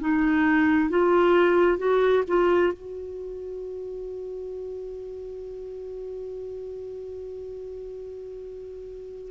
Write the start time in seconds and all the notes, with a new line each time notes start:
0.00 D#4
0.90 F4
1.78 F#4
2.28 F4
2.73 F#4